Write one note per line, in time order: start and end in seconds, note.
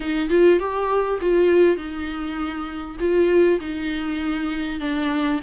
0.00 0.29 D#4
0.29 0.59 F4
0.59 1.19 G4
1.21 1.76 F4
1.76 2.96 D#4
2.99 3.59 F4
3.60 4.80 D#4
4.80 5.40 D4